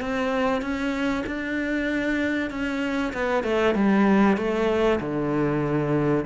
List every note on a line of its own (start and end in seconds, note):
0.00 0.61 C4
0.61 1.24 C#4
1.26 2.50 D4
2.50 3.12 C#4
3.12 3.43 B3
3.43 3.74 A3
3.74 4.37 G3
4.37 4.99 A3
4.99 6.24 D3